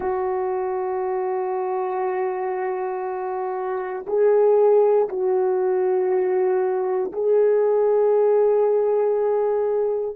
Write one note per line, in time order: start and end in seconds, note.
0.00 4.05 F#4
4.06 5.08 G#4
5.08 7.12 F#4
7.12 10.15 G#4